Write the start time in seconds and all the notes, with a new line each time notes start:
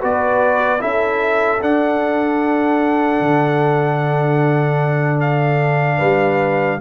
0.00 B3 F#4 B4 D5
0.79 C#4 E4 A4 E5
1.60 D4 F#5
3.20 D3
5.20 F5
5.97 G3 B4